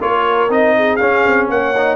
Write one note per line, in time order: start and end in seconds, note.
0.00 0.49 A#3
0.00 0.49 F4
0.00 0.76 A#4
0.00 0.51 C#5
0.49 0.99 C4
0.49 0.99 D#4
0.49 0.96 D#5
0.76 1.50 G#4
0.96 1.74 C#4
0.96 1.25 C#4
0.96 1.46 F5
1.26 1.48 C4
1.48 1.96 A#3
1.48 1.96 C#5
1.48 1.96 F#5
1.77 1.96 D#4